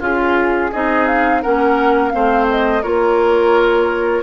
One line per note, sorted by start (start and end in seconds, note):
0.00 0.71 C#4
0.00 0.71 F4
0.00 0.73 G#4
0.71 1.45 C4
0.71 1.44 D#4
0.71 1.42 G#4
0.71 1.07 D#5
1.07 1.42 F5
1.42 2.14 A#3
1.42 2.12 C#4
1.42 2.12 A#4
1.42 2.10 F#5
2.10 2.85 A3
2.10 2.82 C4
2.10 2.83 C5
2.10 2.45 F5
2.50 2.83 D#5
2.83 4.23 A#3
2.83 4.23 F4
2.83 4.23 A#4
2.83 4.23 C#5